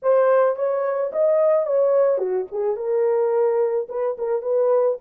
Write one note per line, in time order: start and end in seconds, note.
0.02 0.56 C5
0.56 1.11 C#5
1.12 1.66 D#5
1.66 2.18 C#5
2.18 2.45 F#4
2.51 2.76 G#4
2.76 3.87 A#4
3.88 4.16 B4
4.18 4.42 A#4
4.42 4.97 B4